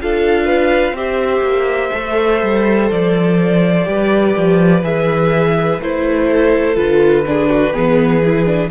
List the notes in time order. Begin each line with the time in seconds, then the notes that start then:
0.00 D4 F4 A4 F5
0.45 B4
0.92 C4 G4 C5 E5
1.41 A#3
1.92 A3 A4
2.42 G3
2.90 F3 D5
3.85 G3 G4 B4
4.36 F3
4.82 E3 G#4 E5
5.80 A3 E4 C5
6.28 A4
6.75 D3 F4 B4
7.26 D4 G#4
7.49 F#4
7.73 E3 B3 G#4
8.24 E4
8.45 D4